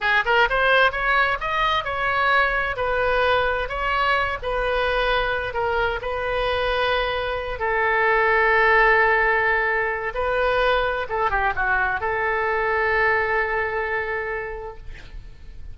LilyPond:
\new Staff \with { instrumentName = "oboe" } { \time 4/4 \tempo 4 = 130 gis'8 ais'8 c''4 cis''4 dis''4 | cis''2 b'2 | cis''4. b'2~ b'8 | ais'4 b'2.~ |
b'8 a'2.~ a'8~ | a'2 b'2 | a'8 g'8 fis'4 a'2~ | a'1 | }